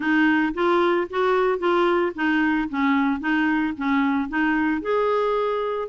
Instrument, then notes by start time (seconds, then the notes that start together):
clarinet
0.00 D#4
0.54 F4
1.10 F#4
1.58 F4
2.15 D#4
2.69 C#4
3.20 D#4
3.77 C#4
4.28 D#4
4.81 G#4